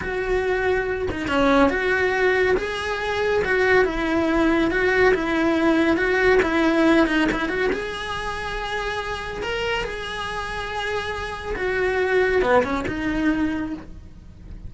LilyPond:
\new Staff \with { instrumentName = "cello" } { \time 4/4 \tempo 4 = 140 fis'2~ fis'8 dis'8 cis'4 | fis'2 gis'2 | fis'4 e'2 fis'4 | e'2 fis'4 e'4~ |
e'8 dis'8 e'8 fis'8 gis'2~ | gis'2 ais'4 gis'4~ | gis'2. fis'4~ | fis'4 b8 cis'8 dis'2 | }